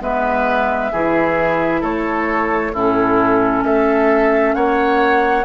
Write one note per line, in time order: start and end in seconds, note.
0.00 0.91 G#3
0.00 0.91 B3
0.00 0.92 B4
0.00 1.83 E5
0.92 1.82 E3
0.92 2.74 E4
0.92 1.81 G#4
1.81 2.73 A3
1.81 2.72 A4
1.81 2.74 C#5
2.73 3.64 A2
2.73 5.45 C#4
2.73 3.64 E4
2.73 3.65 A4
3.64 4.55 A3
3.64 4.55 A4
3.64 4.55 E5
4.55 5.45 A#3
4.55 5.45 C#5
4.55 5.45 F#5